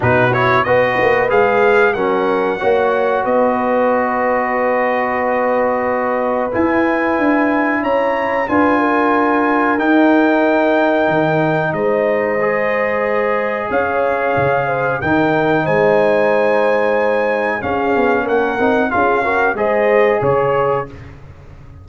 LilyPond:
<<
  \new Staff \with { instrumentName = "trumpet" } { \time 4/4 \tempo 4 = 92 b'8 cis''8 dis''4 f''4 fis''4~ | fis''4 dis''2.~ | dis''2 gis''2 | ais''4 gis''2 g''4~ |
g''2 dis''2~ | dis''4 f''2 g''4 | gis''2. f''4 | fis''4 f''4 dis''4 cis''4 | }
  \new Staff \with { instrumentName = "horn" } { \time 4/4 fis'4 b'2 ais'4 | cis''4 b'2.~ | b'1 | cis''4 b'8 ais'2~ ais'8~ |
ais'2 c''2~ | c''4 cis''4. c''8 ais'4 | c''2. gis'4 | ais'4 gis'8 ais'8 c''4 cis''4 | }
  \new Staff \with { instrumentName = "trombone" } { \time 4/4 dis'8 e'8 fis'4 gis'4 cis'4 | fis'1~ | fis'2 e'2~ | e'4 f'2 dis'4~ |
dis'2. gis'4~ | gis'2. dis'4~ | dis'2. cis'4~ | cis'8 dis'8 f'8 fis'8 gis'2 | }
  \new Staff \with { instrumentName = "tuba" } { \time 4/4 b,4 b8 ais8 gis4 fis4 | ais4 b2.~ | b2 e'4 d'4 | cis'4 d'2 dis'4~ |
dis'4 dis4 gis2~ | gis4 cis'4 cis4 dis4 | gis2. cis'8 b8 | ais8 c'8 cis'4 gis4 cis4 | }
>>